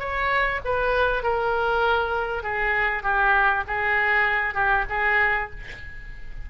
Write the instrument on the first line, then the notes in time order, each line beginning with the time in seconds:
oboe
0.00 C#5
0.65 B4
1.23 A#4
2.43 G#4
3.03 G4
3.68 G#4
4.55 G4
4.90 G#4